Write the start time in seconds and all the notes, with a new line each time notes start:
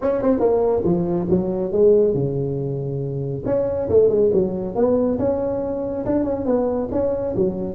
0.01 C#4
0.21 C4
0.39 A#3
0.84 F3
1.29 F#3
1.71 G#3
2.14 C#3
3.45 C#4
3.89 A3
4.08 G#3
4.33 F#3
4.75 B3
5.19 C#4
6.05 D4
6.24 C#4
6.45 B3
6.91 C#4
7.36 F#3